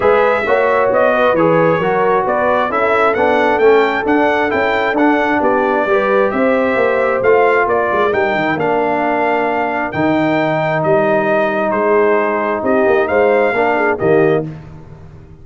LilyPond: <<
  \new Staff \with { instrumentName = "trumpet" } { \time 4/4 \tempo 4 = 133 e''2 dis''4 cis''4~ | cis''4 d''4 e''4 fis''4 | g''4 fis''4 g''4 fis''4 | d''2 e''2 |
f''4 d''4 g''4 f''4~ | f''2 g''2 | dis''2 c''2 | dis''4 f''2 dis''4 | }
  \new Staff \with { instrumentName = "horn" } { \time 4/4 b'4 cis''4. b'4. | ais'4 b'4 a'2~ | a'1 | g'4 b'4 c''2~ |
c''4 ais'2.~ | ais'1~ | ais'2 gis'2 | g'4 c''4 ais'8 gis'8 g'4 | }
  \new Staff \with { instrumentName = "trombone" } { \time 4/4 gis'4 fis'2 gis'4 | fis'2 e'4 d'4 | cis'4 d'4 e'4 d'4~ | d'4 g'2. |
f'2 dis'4 d'4~ | d'2 dis'2~ | dis'1~ | dis'2 d'4 ais4 | }
  \new Staff \with { instrumentName = "tuba" } { \time 4/4 gis4 ais4 b4 e4 | fis4 b4 cis'4 b4 | a4 d'4 cis'4 d'4 | b4 g4 c'4 ais4 |
a4 ais8 gis8 g8 dis8 ais4~ | ais2 dis2 | g2 gis2 | c'8 ais8 gis4 ais4 dis4 | }
>>